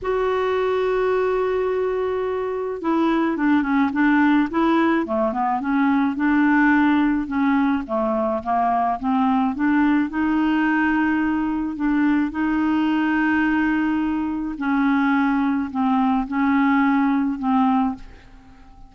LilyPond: \new Staff \with { instrumentName = "clarinet" } { \time 4/4 \tempo 4 = 107 fis'1~ | fis'4 e'4 d'8 cis'8 d'4 | e'4 a8 b8 cis'4 d'4~ | d'4 cis'4 a4 ais4 |
c'4 d'4 dis'2~ | dis'4 d'4 dis'2~ | dis'2 cis'2 | c'4 cis'2 c'4 | }